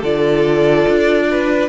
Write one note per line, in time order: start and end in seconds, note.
0.00 0.86 D3
0.00 1.69 F4
0.00 1.25 A4
0.00 1.69 D5
0.89 1.69 D4
1.31 1.69 B4